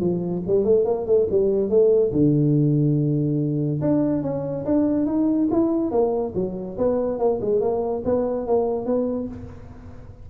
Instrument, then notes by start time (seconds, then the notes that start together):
tuba
0.00 F3
0.46 G3
0.64 A3
0.85 A#3
1.06 A3
1.31 G3
1.69 A3
2.12 D3
3.81 D4
4.22 C#4
4.65 D4
5.06 D#4
5.51 E4
5.91 A#3
6.35 F#3
6.77 B3
7.19 A#3
7.41 G#3
7.60 A#3
8.05 B3
8.47 A#3
8.86 B3